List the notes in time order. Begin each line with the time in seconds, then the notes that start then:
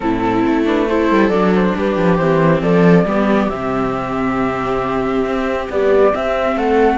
0.00 A2 C4 E4 A4
0.47 A3
0.65 D4 B4
0.88 E4 A4 C5
1.11 G3
1.28 F#3 D4 D5
1.55 C5
1.76 G3 G4 B4
1.96 F3
2.16 E3 C4 C5
2.62 F3 A4 D5
3.05 G3 B3 G4
3.49 C3 C4 E5
5.24 C4
5.69 G3 B3 D5
6.12 C4 E5
6.55 A3 A4 F#5